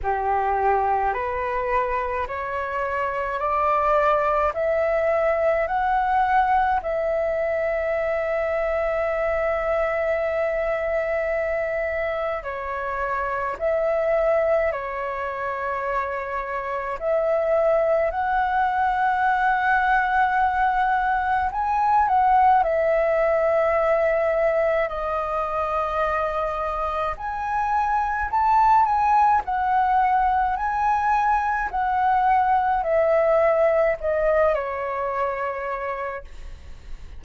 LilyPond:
\new Staff \with { instrumentName = "flute" } { \time 4/4 \tempo 4 = 53 g'4 b'4 cis''4 d''4 | e''4 fis''4 e''2~ | e''2. cis''4 | e''4 cis''2 e''4 |
fis''2. gis''8 fis''8 | e''2 dis''2 | gis''4 a''8 gis''8 fis''4 gis''4 | fis''4 e''4 dis''8 cis''4. | }